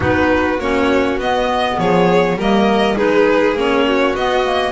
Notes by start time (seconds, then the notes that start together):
0.00 B3 D#4 F#4 B4
0.59 A#3 C#4 C#5
1.18 B3 D#5
1.78 F3 G#4 C#5
2.35 G3 A#3 A#4 D#5
2.96 G#3 D#4 G#4 B4
3.55 A#3 C#4 C#5
3.87 F#4
4.15 B3 D#5
4.44 A#3